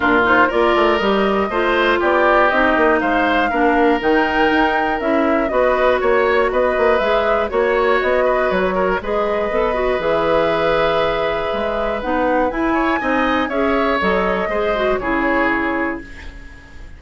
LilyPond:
<<
  \new Staff \with { instrumentName = "flute" } { \time 4/4 \tempo 4 = 120 ais'8 c''8 d''4 dis''2 | d''4 dis''4 f''2 | g''2 e''4 dis''4 | cis''4 dis''4 e''4 cis''4 |
dis''4 cis''4 dis''2 | e''1 | fis''4 gis''2 e''4 | dis''2 cis''2 | }
  \new Staff \with { instrumentName = "oboe" } { \time 4/4 f'4 ais'2 c''4 | g'2 c''4 ais'4~ | ais'2. b'4 | cis''4 b'2 cis''4~ |
cis''8 b'4 ais'8 b'2~ | b'1~ | b'4. cis''8 dis''4 cis''4~ | cis''4 c''4 gis'2 | }
  \new Staff \with { instrumentName = "clarinet" } { \time 4/4 d'8 dis'8 f'4 g'4 f'4~ | f'4 dis'2 d'4 | dis'2 e'4 fis'4~ | fis'2 gis'4 fis'4~ |
fis'2 gis'4 a'8 fis'8 | gis'1 | dis'4 e'4 dis'4 gis'4 | a'4 gis'8 fis'8 e'2 | }
  \new Staff \with { instrumentName = "bassoon" } { \time 4/4 ais,4 ais8 a8 g4 a4 | b4 c'8 ais8 gis4 ais4 | dis4 dis'4 cis'4 b4 | ais4 b8 ais8 gis4 ais4 |
b4 fis4 gis4 b4 | e2. gis4 | b4 e'4 c'4 cis'4 | fis4 gis4 cis2 | }
>>